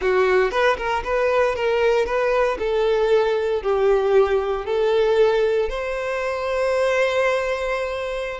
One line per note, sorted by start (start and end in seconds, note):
0.01 0.51 F#4
0.51 0.76 B4
0.77 1.03 A#4
1.04 1.55 B4
1.55 2.05 A#4
2.05 2.57 B4
2.58 3.62 A4
3.62 4.65 G4
4.65 5.69 A4
5.69 8.40 C5